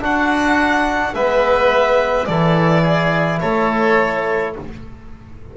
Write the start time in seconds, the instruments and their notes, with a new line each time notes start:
0.00 trombone D4, double bass D4, oboe F#4, violin F#5
1.14 double bass G#3, trombone B3, oboe B4, violin E5
2.26 double bass E3, trombone E4, oboe A4, violin D5
2.83 oboe G#4
3.41 double bass A3, oboe A4, violin C#5